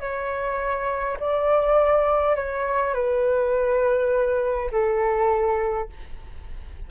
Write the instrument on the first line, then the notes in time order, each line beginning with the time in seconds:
flute
0.00 C#5
1.20 D5
2.36 C#5
2.94 B4
4.72 A4